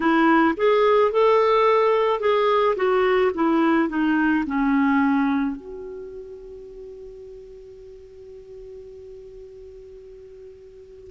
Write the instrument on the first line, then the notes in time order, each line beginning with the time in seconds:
clarinet
0.00 E4
0.57 G#4
1.11 A4
2.19 G#4
2.76 F#4
3.34 E4
3.88 D#4
4.46 C#4
5.56 F#4